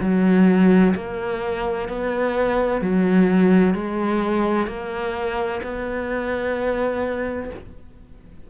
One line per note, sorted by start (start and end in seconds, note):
0.00 0.94 F#3
0.95 1.88 A#3
1.88 2.81 B3
2.81 3.74 F#3
3.74 4.67 G#3
4.67 5.61 A#3
5.62 7.50 B3